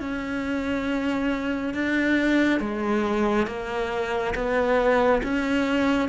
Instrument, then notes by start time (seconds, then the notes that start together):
cello
0.00 C#4
1.74 D4
2.60 G#3
3.47 A#3
4.35 B3
5.23 C#4